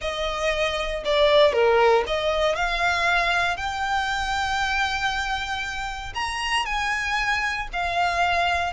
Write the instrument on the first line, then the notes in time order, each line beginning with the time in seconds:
violin
0.01 D#5
1.05 D5
1.52 A#4
2.06 D#5
2.55 F5
3.56 G5
6.14 A#5
6.65 G#5
7.72 F5